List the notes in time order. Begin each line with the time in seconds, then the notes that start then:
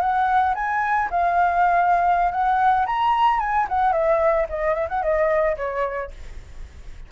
0.00 F#5
0.55 G#5
1.10 F5
2.31 F#5
2.86 A#5
3.39 G#5
3.69 F#5
3.92 E5
4.49 D#5
4.74 E5
4.88 F#5
5.02 D#5
5.57 C#5